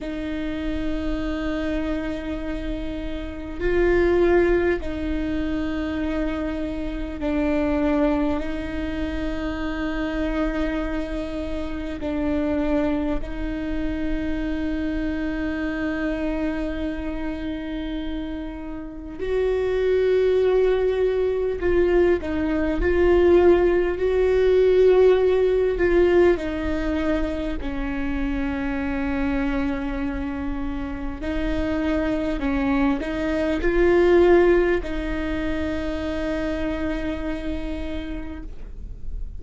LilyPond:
\new Staff \with { instrumentName = "viola" } { \time 4/4 \tempo 4 = 50 dis'2. f'4 | dis'2 d'4 dis'4~ | dis'2 d'4 dis'4~ | dis'1 |
fis'2 f'8 dis'8 f'4 | fis'4. f'8 dis'4 cis'4~ | cis'2 dis'4 cis'8 dis'8 | f'4 dis'2. | }